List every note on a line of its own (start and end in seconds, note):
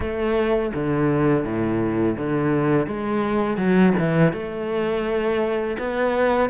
0.00 0.72 A3
0.74 1.44 D3
1.44 2.16 A2
2.17 2.87 D3
2.87 3.57 G#3
3.57 3.93 F#3
3.98 4.32 E3
4.32 5.77 A3
5.78 6.49 B3